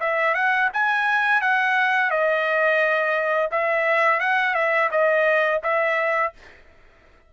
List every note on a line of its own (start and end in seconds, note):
0.00 0.34 E5
0.34 0.69 F#5
0.73 1.41 G#5
1.41 2.10 F#5
2.10 3.50 D#5
3.51 4.20 E5
4.20 4.54 F#5
4.54 4.89 E5
4.91 5.61 D#5
5.63 6.33 E5